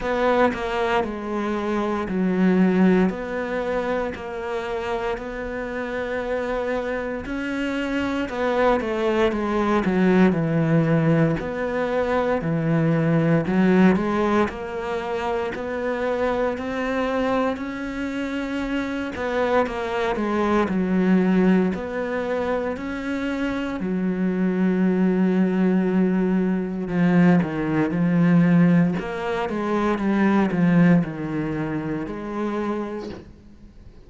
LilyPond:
\new Staff \with { instrumentName = "cello" } { \time 4/4 \tempo 4 = 58 b8 ais8 gis4 fis4 b4 | ais4 b2 cis'4 | b8 a8 gis8 fis8 e4 b4 | e4 fis8 gis8 ais4 b4 |
c'4 cis'4. b8 ais8 gis8 | fis4 b4 cis'4 fis4~ | fis2 f8 dis8 f4 | ais8 gis8 g8 f8 dis4 gis4 | }